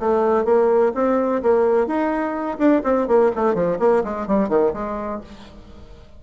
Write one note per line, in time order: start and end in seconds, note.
0.00 0.45 A3
0.45 0.93 A#3
0.95 1.42 C4
1.43 1.87 A#3
1.87 2.58 D#4
2.59 2.82 D4
2.84 3.08 C4
3.08 3.32 A#3
3.36 3.55 A3
3.55 3.78 F3
3.80 4.03 A#3
4.04 4.27 G#3
4.27 4.49 G3
4.49 4.73 D#3
4.74 5.21 G#3